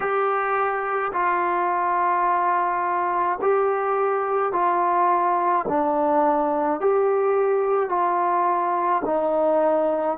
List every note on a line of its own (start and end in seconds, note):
0.00 1.12 G4
1.13 3.39 F4
3.41 4.52 G4
4.52 5.66 F4
5.68 6.80 D4
6.80 7.89 G4
7.89 9.02 F4
9.05 10.17 D#4